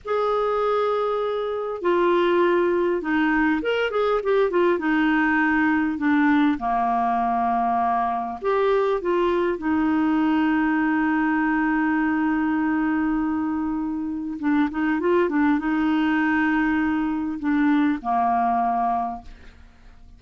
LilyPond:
\new Staff \with { instrumentName = "clarinet" } { \time 4/4 \tempo 4 = 100 gis'2. f'4~ | f'4 dis'4 ais'8 gis'8 g'8 f'8 | dis'2 d'4 ais4~ | ais2 g'4 f'4 |
dis'1~ | dis'1 | d'8 dis'8 f'8 d'8 dis'2~ | dis'4 d'4 ais2 | }